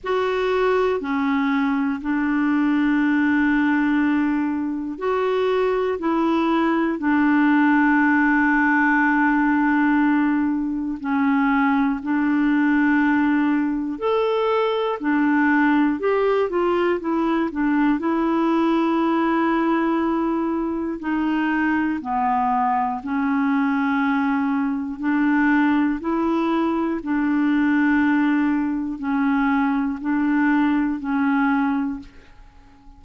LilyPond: \new Staff \with { instrumentName = "clarinet" } { \time 4/4 \tempo 4 = 60 fis'4 cis'4 d'2~ | d'4 fis'4 e'4 d'4~ | d'2. cis'4 | d'2 a'4 d'4 |
g'8 f'8 e'8 d'8 e'2~ | e'4 dis'4 b4 cis'4~ | cis'4 d'4 e'4 d'4~ | d'4 cis'4 d'4 cis'4 | }